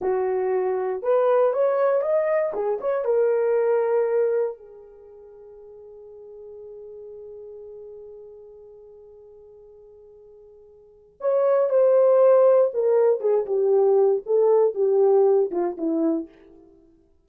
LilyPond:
\new Staff \with { instrumentName = "horn" } { \time 4/4 \tempo 4 = 118 fis'2 b'4 cis''4 | dis''4 gis'8 cis''8 ais'2~ | ais'4 gis'2.~ | gis'1~ |
gis'1~ | gis'2 cis''4 c''4~ | c''4 ais'4 gis'8 g'4. | a'4 g'4. f'8 e'4 | }